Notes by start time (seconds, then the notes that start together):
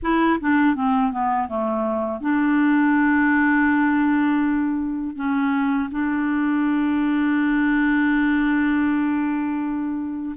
0.02 E4
0.40 D4
0.75 C4
1.11 B3
1.48 A3
2.20 D4
5.15 C#4
5.91 D4